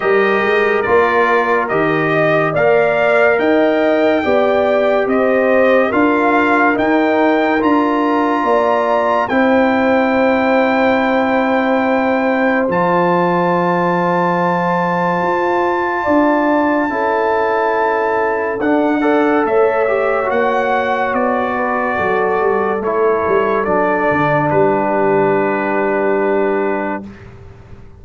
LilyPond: <<
  \new Staff \with { instrumentName = "trumpet" } { \time 4/4 \tempo 4 = 71 dis''4 d''4 dis''4 f''4 | g''2 dis''4 f''4 | g''4 ais''2 g''4~ | g''2. a''4~ |
a''1~ | a''2 fis''4 e''4 | fis''4 d''2 cis''4 | d''4 b'2. | }
  \new Staff \with { instrumentName = "horn" } { \time 4/4 ais'2~ ais'8 dis''8 d''4 | dis''4 d''4 c''4 ais'4~ | ais'2 d''4 c''4~ | c''1~ |
c''2. d''4 | a'2~ a'8 d''8 cis''4~ | cis''4. b'8 a'2~ | a'4 g'2. | }
  \new Staff \with { instrumentName = "trombone" } { \time 4/4 g'4 f'4 g'4 ais'4~ | ais'4 g'2 f'4 | dis'4 f'2 e'4~ | e'2. f'4~ |
f'1 | e'2 d'8 a'4 g'8 | fis'2. e'4 | d'1 | }
  \new Staff \with { instrumentName = "tuba" } { \time 4/4 g8 gis8 ais4 dis4 ais4 | dis'4 b4 c'4 d'4 | dis'4 d'4 ais4 c'4~ | c'2. f4~ |
f2 f'4 d'4 | cis'2 d'4 a4 | ais4 b4 fis8 g8 a8 g8 | fis8 d8 g2. | }
>>